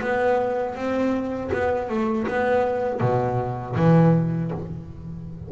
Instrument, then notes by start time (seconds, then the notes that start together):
double bass
0.00 B3
0.75 C4
1.52 B3
1.89 A3
2.27 B3
3.00 B2
3.76 E3